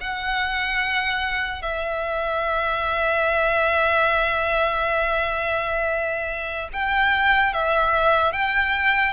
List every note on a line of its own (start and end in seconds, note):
0.00 1.62 F#5
1.62 6.69 E5
6.73 7.53 G5
7.53 8.32 E5
8.32 9.13 G5